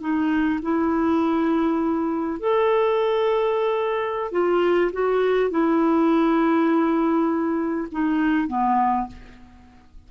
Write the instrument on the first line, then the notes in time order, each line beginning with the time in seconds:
clarinet
0.00 D#4
0.62 E4
2.39 A4
4.31 F4
4.92 F#4
5.50 E4
7.91 D#4
8.47 B3